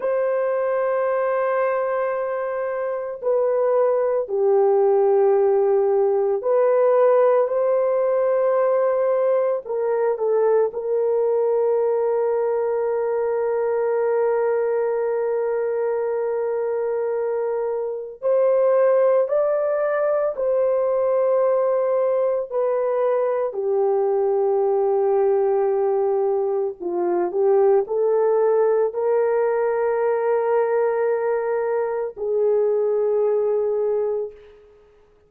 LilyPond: \new Staff \with { instrumentName = "horn" } { \time 4/4 \tempo 4 = 56 c''2. b'4 | g'2 b'4 c''4~ | c''4 ais'8 a'8 ais'2~ | ais'1~ |
ais'4 c''4 d''4 c''4~ | c''4 b'4 g'2~ | g'4 f'8 g'8 a'4 ais'4~ | ais'2 gis'2 | }